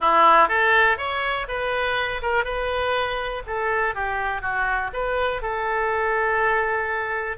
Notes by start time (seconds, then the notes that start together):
0.00 E4
0.48 A4
0.97 C#5
1.48 B4
2.22 A#4
2.44 B4
3.46 A4
3.94 G4
4.41 F#4
4.93 B4
5.42 A4